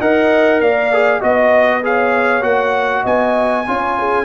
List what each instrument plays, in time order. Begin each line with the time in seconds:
0.00 tuba D#4, trombone A#4, horn D#5, trumpet F#5
0.61 tuba A#3, horn D5, trumpet F5
0.93 trombone G#4
1.21 tuba B3, trombone F#4, horn D#5, trumpet D#5
1.83 trombone G#4, horn C#5, trumpet F5
2.42 tuba A#3, trombone F#4, trumpet F#5
3.03 tuba B3, horn D#5, trumpet G#5
3.68 tuba C#4, trombone F4, horn C#5
3.99 horn G#4